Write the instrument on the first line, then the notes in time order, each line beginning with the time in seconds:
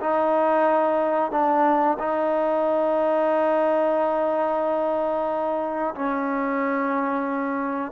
trombone
0.00 D#4
1.31 D4
1.99 D#4
5.95 C#4